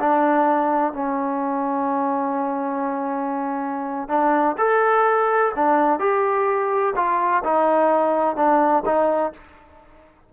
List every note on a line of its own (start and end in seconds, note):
0.00 0.93 D4
0.93 4.09 C#4
4.09 4.56 D4
4.58 5.53 A4
5.56 6.00 D4
6.00 6.94 G4
6.96 7.43 F4
7.44 8.37 D#4
8.37 8.84 D4
8.86 9.33 D#4